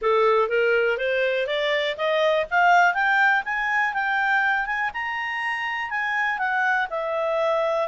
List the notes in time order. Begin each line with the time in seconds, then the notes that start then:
0.01 A4
0.49 A#4
0.97 C5
1.46 D5
1.97 D#5
2.50 F5
2.94 G5
3.44 G#5
3.93 G5
4.66 G#5
4.93 A#5
5.90 G#5
6.38 F#5
6.90 E5